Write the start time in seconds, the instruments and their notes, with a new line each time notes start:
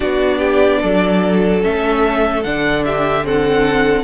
0.00 cello B3, viola D4, violin F#4 D5
0.38 violin G4
0.81 cello F#3, violin A4
1.61 cello A3, viola C#4, violin E5
2.43 cello D3, viola D4, violin F#5
2.84 violin G4 E5
3.24 viola C4, violin A4 F#5